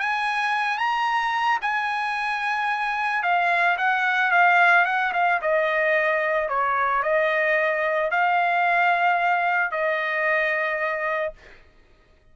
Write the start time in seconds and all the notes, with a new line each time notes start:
0.00 G#5
0.78 A#5
1.62 G#5
3.23 F5
3.78 F#5
4.32 F5
4.86 F#5
5.14 F5
5.42 D#5
6.49 C#5
7.03 D#5
8.11 F5
9.71 D#5